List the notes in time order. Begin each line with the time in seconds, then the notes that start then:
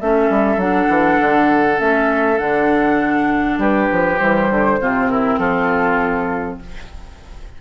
0.00 A3 C#4 A4 E5
0.30 G3
0.57 F#3 D4 F#5
0.89 E3
1.20 D3
1.78 A3 C#4 E5
2.39 D3 D4 F#5
3.58 G3 G4 B4
3.92 F3
4.17 E3 G3 C5
4.51 D3
4.81 C3 C4 F4
5.10 E4 A#4
5.39 F3 F4 A4